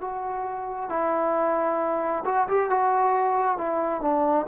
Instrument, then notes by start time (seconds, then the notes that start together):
trombone
0.00 F#4
0.89 E4
2.25 F#4
2.47 G4
2.69 F#4
3.57 E4
4.01 D4